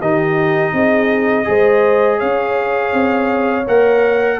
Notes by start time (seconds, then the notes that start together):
0.00 D#3 D#4 G4 D#5
0.73 C4 G#4
1.44 G#3 G#4 C5
2.18 C#4 C#5 F5
2.93 C4
3.67 A#3 A#4 F#5